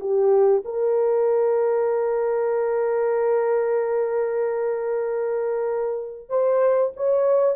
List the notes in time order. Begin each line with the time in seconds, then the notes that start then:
0.00 G4
0.65 A#4
6.29 C5
6.96 C#5